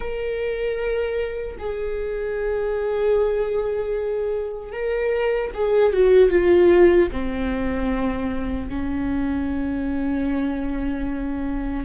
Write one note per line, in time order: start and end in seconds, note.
0.00 1.56 A#4
1.58 4.72 G#4
4.72 5.51 A#4
5.54 5.92 G#4
5.92 6.30 F#4
6.30 7.09 F4
7.11 8.69 C4
8.69 11.85 C#4